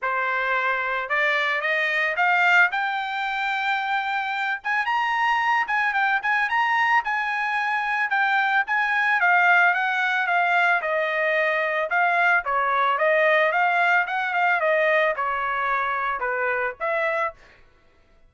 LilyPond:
\new Staff \with { instrumentName = "trumpet" } { \time 4/4 \tempo 4 = 111 c''2 d''4 dis''4 | f''4 g''2.~ | g''8 gis''8 ais''4. gis''8 g''8 gis''8 | ais''4 gis''2 g''4 |
gis''4 f''4 fis''4 f''4 | dis''2 f''4 cis''4 | dis''4 f''4 fis''8 f''8 dis''4 | cis''2 b'4 e''4 | }